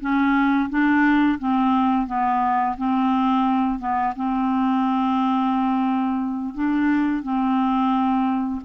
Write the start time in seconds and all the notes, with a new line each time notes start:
0.00 C#4
0.70 D4
1.39 C4
2.07 B3
2.77 C4
3.79 B3
4.16 C4
6.54 D4
7.23 C4